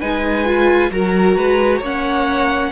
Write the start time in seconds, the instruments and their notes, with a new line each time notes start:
0.00 cello G#3, viola D#4, violin B4 G#5
0.45 viola F4
0.91 cello F#3, viola F#4, violin A#4 A#5
1.37 cello G#3, violin B4
1.79 cello A#3, viola C#4, violin C#5
1.86 violin F#5